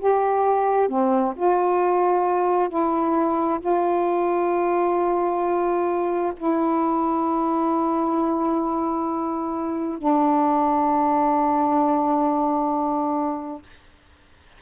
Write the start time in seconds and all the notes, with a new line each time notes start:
0.00 G4
0.89 C4
1.36 F4
2.69 E4
3.60 F4
6.37 E4
9.99 D4